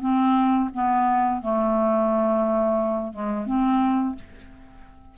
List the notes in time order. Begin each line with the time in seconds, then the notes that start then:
0.00 C4
0.74 B3
1.42 A3
3.13 G#3
3.46 C4